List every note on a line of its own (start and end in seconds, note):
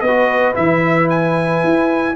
0.00 0.55 B3
0.00 2.15 B4
0.00 0.54 D#5
0.06 0.54 F#4
0.54 1.63 E3
0.54 2.14 E4
0.54 1.09 E5
1.09 2.15 G#5
1.63 2.15 E4